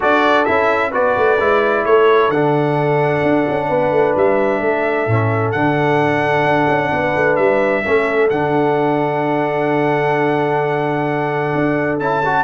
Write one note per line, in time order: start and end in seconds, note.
0.00 0.48 D4
0.00 0.46 F#4
0.00 0.90 A4
0.00 0.45 D5
0.45 0.93 C#4
0.45 0.92 E4
0.45 0.91 E5
0.90 1.16 B3
0.90 1.38 F#4
0.90 1.82 B4
0.90 1.85 D5
1.16 1.39 A3
1.39 1.85 G#3
1.39 2.32 E4
1.85 2.29 A3
1.85 3.68 A4
1.85 2.30 C#5
2.29 3.21 D3
2.29 5.09 D4
2.29 4.15 F#5
3.22 3.46 D4
3.48 3.70 C#4
3.68 3.91 B3
3.68 4.59 B4
3.91 4.14 A3
4.16 4.60 G3
4.16 5.51 E5
4.59 5.06 A3
4.59 6.90 A4
5.06 5.53 A2
5.06 5.55 C#4
5.51 6.43 D3
5.51 7.84 D4
5.51 7.36 F#5
6.43 6.66 D4
6.68 6.91 C#4
6.91 7.15 B3
6.91 7.83 B4
7.16 7.38 A3
7.36 7.84 G3
7.36 8.28 E5
7.84 8.31 A3
7.84 8.30 C#4
7.84 12.44 A4
8.29 11.54 D3
8.29 12.00 D4
8.29 11.98 F#5
11.55 12.00 D4
11.99 12.44 C#4
11.99 12.23 E4
11.99 12.44 A5
12.25 12.44 F#4